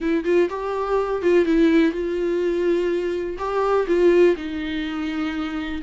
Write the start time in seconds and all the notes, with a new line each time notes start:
0.00 E4
0.24 F4
0.49 G4
1.21 F4
1.45 E4
1.92 F4
3.38 G4
3.87 F4
4.36 D#4